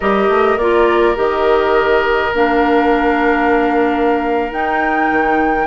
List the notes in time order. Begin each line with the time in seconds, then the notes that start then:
0.00 G3 G4 A#4 D#5
0.28 A3
0.57 A#3 F4 D5
1.15 D#3 G4 D#5
2.33 A#3 D4 F5
4.51 D#4 G5
5.11 D#3